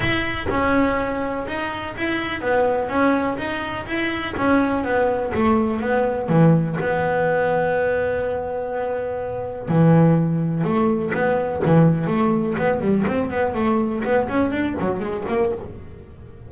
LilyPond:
\new Staff \with { instrumentName = "double bass" } { \time 4/4 \tempo 4 = 124 e'4 cis'2 dis'4 | e'4 b4 cis'4 dis'4 | e'4 cis'4 b4 a4 | b4 e4 b2~ |
b1 | e2 a4 b4 | e4 a4 b8 g8 c'8 b8 | a4 b8 cis'8 d'8 fis8 gis8 ais8 | }